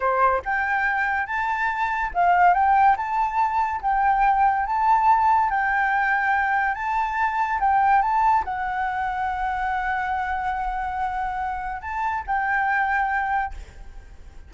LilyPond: \new Staff \with { instrumentName = "flute" } { \time 4/4 \tempo 4 = 142 c''4 g''2 a''4~ | a''4 f''4 g''4 a''4~ | a''4 g''2 a''4~ | a''4 g''2. |
a''2 g''4 a''4 | fis''1~ | fis''1 | a''4 g''2. | }